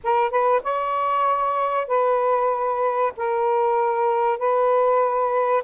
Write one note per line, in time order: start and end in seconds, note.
0.03 0.30 A#4
0.30 0.61 B4
0.62 1.87 C#5
1.87 3.12 B4
3.16 4.38 A#4
4.38 5.63 B4